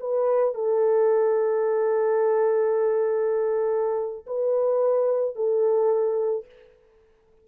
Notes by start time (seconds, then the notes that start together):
0.00 B4
0.54 A4
4.26 B4
5.35 A4